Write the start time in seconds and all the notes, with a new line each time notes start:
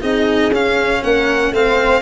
0.00 C4 D#4 G#4 D#5
0.50 C#4 F5
1.02 A#3 A#4 F#5
1.51 A3 C4 C5 F5